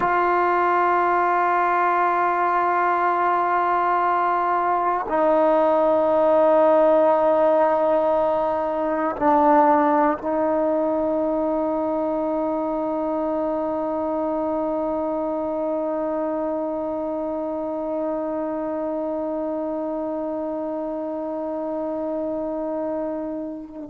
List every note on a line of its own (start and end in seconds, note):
0.00 5.06 F4
5.08 9.15 D#4
9.16 10.17 D4
10.17 23.89 D#4